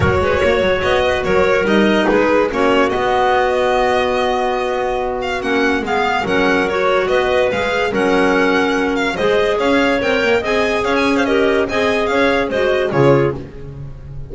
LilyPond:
<<
  \new Staff \with { instrumentName = "violin" } { \time 4/4 \tempo 4 = 144 cis''2 dis''4 cis''4 | dis''4 b'4 cis''4 dis''4~ | dis''1~ | dis''8 f''8 fis''4 f''4 fis''4 |
cis''4 dis''4 f''4 fis''4~ | fis''4. f''8 dis''4 f''4 | g''4 gis''4 f''16 gis''8 f''16 dis''4 | gis''4 f''4 dis''4 cis''4 | }
  \new Staff \with { instrumentName = "clarinet" } { \time 4/4 ais'8 b'8 cis''4. b'8 ais'4~ | ais'4 gis'4 fis'2~ | fis'1~ | fis'2 gis'4 ais'4~ |
ais'4 b'2 ais'4~ | ais'2 c''4 cis''4~ | cis''4 dis''4 cis''8. c''16 ais'4 | dis''4 cis''4 c''4 gis'4 | }
  \new Staff \with { instrumentName = "clarinet" } { \time 4/4 fis'1 | dis'2 cis'4 b4~ | b1~ | b4 cis'4 b4 cis'4 |
fis'2 gis'4 cis'4~ | cis'2 gis'2 | ais'4 gis'2 g'4 | gis'2 fis'4 f'4 | }
  \new Staff \with { instrumentName = "double bass" } { \time 4/4 fis8 gis8 ais8 fis8 b4 fis4 | g4 gis4 ais4 b4~ | b1~ | b4 ais4 gis4 fis4~ |
fis4 b4 gis4 fis4~ | fis2 gis4 cis'4 | c'8 ais8 c'4 cis'2 | c'4 cis'4 gis4 cis4 | }
>>